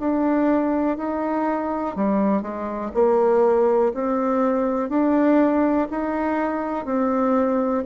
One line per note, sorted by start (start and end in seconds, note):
0.00 0.97 D4
0.97 1.96 D#4
1.96 2.42 G3
2.42 2.92 G#3
2.94 3.93 A#3
3.94 4.90 C4
4.90 5.88 D4
5.91 6.85 D#4
6.85 7.84 C4